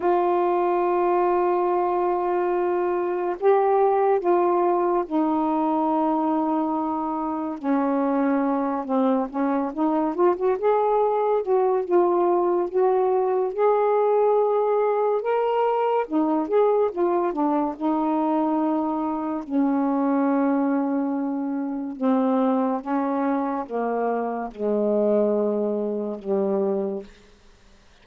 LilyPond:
\new Staff \with { instrumentName = "saxophone" } { \time 4/4 \tempo 4 = 71 f'1 | g'4 f'4 dis'2~ | dis'4 cis'4. c'8 cis'8 dis'8 | f'16 fis'16 gis'4 fis'8 f'4 fis'4 |
gis'2 ais'4 dis'8 gis'8 | f'8 d'8 dis'2 cis'4~ | cis'2 c'4 cis'4 | ais4 gis2 g4 | }